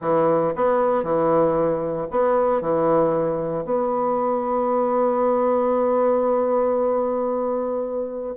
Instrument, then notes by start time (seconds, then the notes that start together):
bassoon
0.01 E3
0.55 B3
1.03 E3
2.10 B3
2.61 E3
3.64 B3